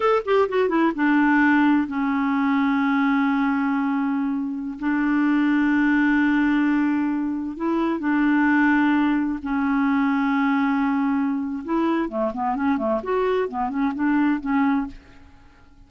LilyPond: \new Staff \with { instrumentName = "clarinet" } { \time 4/4 \tempo 4 = 129 a'8 g'8 fis'8 e'8 d'2 | cis'1~ | cis'2~ cis'16 d'4.~ d'16~ | d'1~ |
d'16 e'4 d'2~ d'8.~ | d'16 cis'2.~ cis'8.~ | cis'4 e'4 a8 b8 cis'8 a8 | fis'4 b8 cis'8 d'4 cis'4 | }